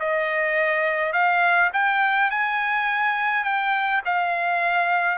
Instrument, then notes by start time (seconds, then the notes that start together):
trumpet
0.00 D#5
1.13 F5
1.74 G5
2.31 G#5
3.45 G5
4.06 F5